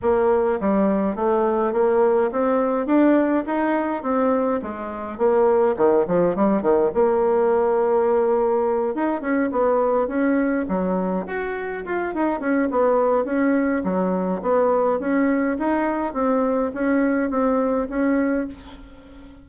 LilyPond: \new Staff \with { instrumentName = "bassoon" } { \time 4/4 \tempo 4 = 104 ais4 g4 a4 ais4 | c'4 d'4 dis'4 c'4 | gis4 ais4 dis8 f8 g8 dis8 | ais2.~ ais8 dis'8 |
cis'8 b4 cis'4 fis4 fis'8~ | fis'8 f'8 dis'8 cis'8 b4 cis'4 | fis4 b4 cis'4 dis'4 | c'4 cis'4 c'4 cis'4 | }